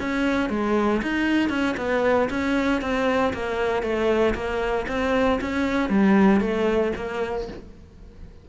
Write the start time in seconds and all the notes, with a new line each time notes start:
0.00 C#4
0.50 G#3
1.03 D#4
1.50 C#4
1.77 B3
2.30 C#4
2.81 C4
3.33 A#3
3.83 A3
4.35 A#3
4.88 C4
5.41 C#4
5.89 G3
6.41 A3
6.96 A#3